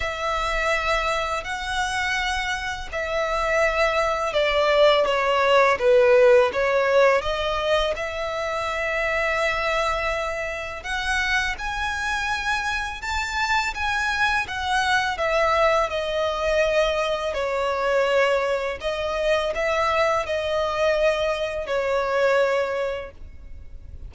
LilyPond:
\new Staff \with { instrumentName = "violin" } { \time 4/4 \tempo 4 = 83 e''2 fis''2 | e''2 d''4 cis''4 | b'4 cis''4 dis''4 e''4~ | e''2. fis''4 |
gis''2 a''4 gis''4 | fis''4 e''4 dis''2 | cis''2 dis''4 e''4 | dis''2 cis''2 | }